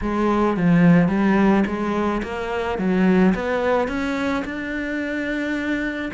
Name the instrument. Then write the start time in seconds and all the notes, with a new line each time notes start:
cello
0.01 G#3
0.57 F3
1.08 G3
1.66 G#3
2.22 A#3
2.78 F#3
3.34 B3
3.87 C#4
4.44 D4